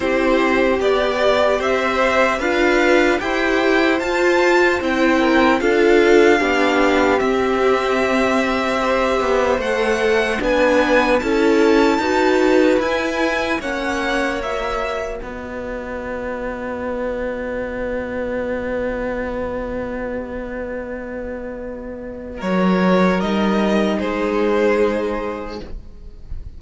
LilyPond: <<
  \new Staff \with { instrumentName = "violin" } { \time 4/4 \tempo 4 = 75 c''4 d''4 e''4 f''4 | g''4 a''4 g''4 f''4~ | f''4 e''2. | fis''4 gis''4 a''2 |
gis''4 fis''4 e''4 dis''4~ | dis''1~ | dis''1 | cis''4 dis''4 c''2 | }
  \new Staff \with { instrumentName = "violin" } { \time 4/4 g'2 c''4 b'4 | c''2~ c''8 ais'8 a'4 | g'2. c''4~ | c''4 b'4 a'4 b'4~ |
b'4 cis''2 b'4~ | b'1~ | b'1 | ais'2 gis'2 | }
  \new Staff \with { instrumentName = "viola" } { \time 4/4 e'4 g'2 f'4 | g'4 f'4 e'4 f'4 | d'4 c'2 g'4 | a'4 d'4 e'4 fis'4 |
e'4 cis'4 fis'2~ | fis'1~ | fis'1~ | fis'4 dis'2. | }
  \new Staff \with { instrumentName = "cello" } { \time 4/4 c'4 b4 c'4 d'4 | e'4 f'4 c'4 d'4 | b4 c'2~ c'8 b8 | a4 b4 cis'4 dis'4 |
e'4 ais2 b4~ | b1~ | b1 | fis4 g4 gis2 | }
>>